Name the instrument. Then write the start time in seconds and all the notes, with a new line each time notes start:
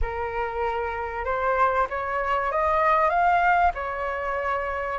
flute
0.01 A#4
1.24 C5
1.89 C#5
2.51 D#5
3.09 F5
3.74 C#5